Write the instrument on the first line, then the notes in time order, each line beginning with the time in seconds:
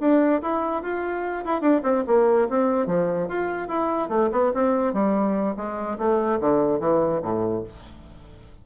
bassoon
0.00 D4
0.42 E4
0.82 F4
1.45 E4
1.61 D4
1.83 C4
2.07 A#3
2.49 C4
2.86 F3
3.28 F4
3.68 E4
4.09 A3
4.32 B3
4.54 C4
4.93 G3
5.56 G#3
5.98 A3
6.40 D3
6.80 E3
7.22 A2